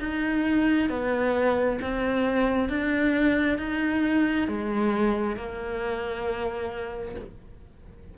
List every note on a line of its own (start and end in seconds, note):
0.00 0.90 D#4
0.90 1.79 B3
1.82 2.69 C4
2.69 3.59 D4
3.59 4.48 D#4
4.48 5.36 G#3
5.36 7.15 A#3